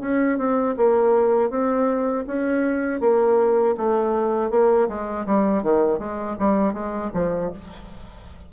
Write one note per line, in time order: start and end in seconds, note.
0.00 0.38 C#4
0.38 0.75 C4
0.76 1.50 A#3
1.50 2.25 C4
2.26 3.00 C#4
3.00 3.75 A#3
3.77 4.50 A3
4.50 4.88 A#3
4.88 5.25 G#3
5.26 5.62 G3
5.62 5.99 D#3
5.99 6.36 G#3
6.39 6.73 G3
6.73 7.10 G#3
7.13 7.51 F3